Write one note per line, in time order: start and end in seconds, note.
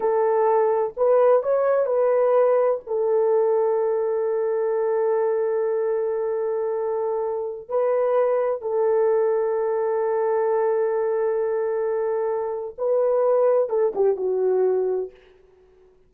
0.00 0.93 A4
0.97 1.42 B4
1.42 1.86 C#5
1.86 2.80 B4
2.86 7.68 A4
7.68 8.61 B4
8.61 12.75 A4
12.78 13.69 B4
13.69 13.93 A4
13.95 14.16 G4
14.16 15.11 F#4